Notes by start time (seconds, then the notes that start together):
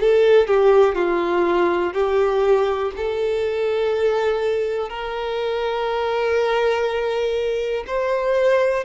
0.00 A4
0.47 G4
0.95 F4
1.94 G4
2.96 A4
4.89 A#4
7.87 C5